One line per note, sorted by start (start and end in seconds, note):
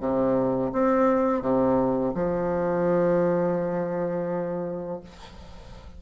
0.00 0.71 C3
0.72 1.41 C4
1.41 2.13 C3
2.14 5.00 F3